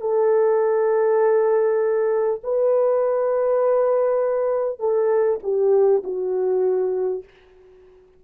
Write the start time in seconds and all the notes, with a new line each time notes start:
0.00 A4
2.43 B4
4.79 A4
5.43 G4
6.04 F#4